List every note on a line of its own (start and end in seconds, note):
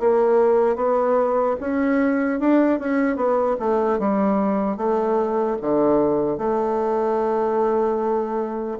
0.00 0.76 A#3
0.76 1.56 B3
1.61 2.40 C#4
2.40 2.80 D4
2.80 3.16 C#4
3.16 3.56 B3
3.60 3.99 A3
3.99 4.77 G3
4.77 5.57 A3
5.61 6.38 D3
6.38 8.78 A3